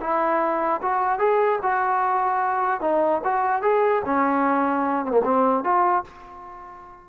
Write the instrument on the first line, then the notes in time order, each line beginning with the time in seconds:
trombone
0.00 E4
0.81 F#4
1.19 G#4
1.62 F#4
2.81 D#4
3.24 F#4
3.61 G#4
4.05 C#4
5.05 A#3 C4
5.24 C4
5.63 F4